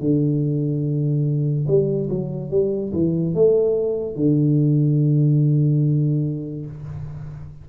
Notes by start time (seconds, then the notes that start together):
0.00 D3
1.67 G3
2.09 F#3
2.50 G3
2.93 E3
3.34 A3
4.16 D3